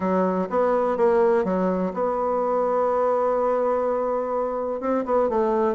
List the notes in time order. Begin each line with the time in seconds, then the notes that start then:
0.00 F#3
0.49 B3
0.97 A#3
1.44 F#3
1.93 B3
4.80 C4
5.05 B3
5.29 A3